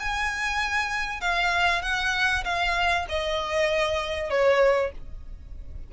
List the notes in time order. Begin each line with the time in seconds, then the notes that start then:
0.00 G#5
1.21 F5
1.82 F#5
2.45 F5
3.09 D#5
4.30 C#5